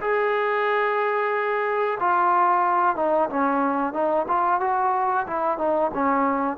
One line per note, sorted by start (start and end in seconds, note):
0.00 1.98 G#4
2.00 2.96 F4
2.96 3.29 D#4
3.29 3.93 C#4
3.93 4.26 D#4
4.28 4.60 F4
4.60 5.26 F#4
5.27 5.58 E4
5.58 5.91 D#4
5.94 6.57 C#4